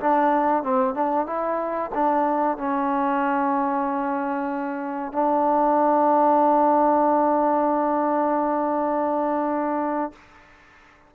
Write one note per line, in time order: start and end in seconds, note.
0.00 0.63 D4
0.63 0.94 C4
0.94 1.26 D4
1.26 1.91 E4
1.94 2.57 D4
2.57 5.12 C#4
5.12 10.12 D4